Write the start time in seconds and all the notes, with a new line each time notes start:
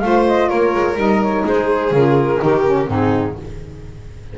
0.00 A3 F4 C5 F5
0.27 D#5
0.49 A#3 A#4 C#5
0.75 G#3
0.95 G3 D#4 D#5
1.23 C#5
1.45 G#3 G#4 C5
1.92 C#3 F4 A#4
2.39 D#3 D#4 G4
2.65 C#4
2.88 G#2 C4 D#4 G#4